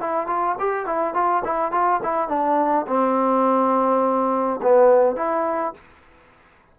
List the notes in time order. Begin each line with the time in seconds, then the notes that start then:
0.00 E4
0.26 F4
0.59 G4
0.85 E4
1.13 F4
1.44 E4
1.71 F4
2.02 E4
2.28 D4
2.87 C4
4.62 B3
5.16 E4